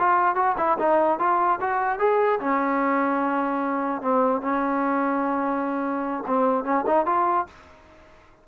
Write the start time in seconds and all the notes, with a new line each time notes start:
0.00 F4
0.36 F#4
0.58 E4
0.79 D#4
1.19 F4
1.61 F#4
1.99 G#4
2.40 C#4
4.02 C4
4.42 C#4
6.27 C4
6.65 C#4
6.87 D#4
7.06 F4